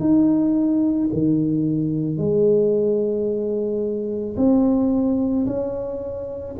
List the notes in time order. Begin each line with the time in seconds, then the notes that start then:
0.00 D#4
1.13 D#3
2.17 G#3
4.37 C4
5.46 C#4